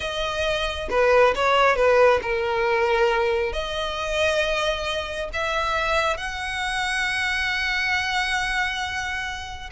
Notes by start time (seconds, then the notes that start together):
0.00 D#5
0.90 B4
1.35 C#5
1.75 B4
2.22 A#4
3.52 D#5
5.33 E5
6.17 F#5